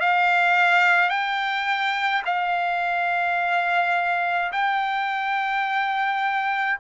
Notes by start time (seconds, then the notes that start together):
0.00 F5
1.10 G5
2.25 F5
4.52 G5